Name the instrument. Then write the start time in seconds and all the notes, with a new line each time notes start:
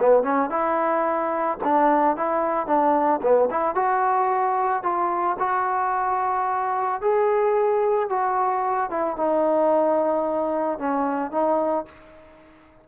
trombone
0.00 B3
0.23 C#4
0.50 E4
1.64 D4
2.17 E4
2.67 D4
3.22 B3
3.51 E4
3.75 F#4
4.83 F4
5.39 F#4
7.01 G#4
8.10 F#4
8.90 E4
9.17 D#4
10.79 C#4
11.32 D#4